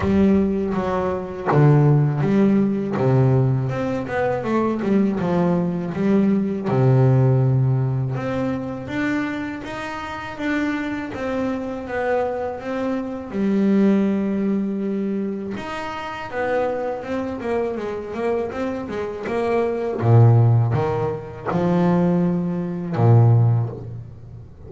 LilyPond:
\new Staff \with { instrumentName = "double bass" } { \time 4/4 \tempo 4 = 81 g4 fis4 d4 g4 | c4 c'8 b8 a8 g8 f4 | g4 c2 c'4 | d'4 dis'4 d'4 c'4 |
b4 c'4 g2~ | g4 dis'4 b4 c'8 ais8 | gis8 ais8 c'8 gis8 ais4 ais,4 | dis4 f2 ais,4 | }